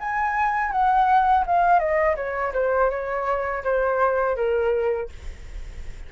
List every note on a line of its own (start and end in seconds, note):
0.00 0.72 G#5
0.72 1.45 F#5
1.47 1.79 F5
1.79 2.16 D#5
2.16 2.53 C#5
2.54 2.90 C5
2.90 3.64 C#5
3.64 4.36 C5
4.36 5.09 A#4